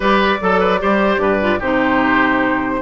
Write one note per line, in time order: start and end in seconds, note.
0.00 0.37 G3
0.00 0.40 G4
0.00 0.38 B4
0.00 1.61 D5
0.41 0.81 F#3
0.41 0.79 A4
0.41 0.59 A4
0.59 0.79 B4
0.79 1.17 G3
0.79 1.40 G4
0.79 1.21 C5
1.17 1.58 G2
1.17 1.59 B4
1.40 1.60 F4
1.59 2.81 C3
1.59 2.81 D#4
1.59 2.80 G4
1.59 2.81 C5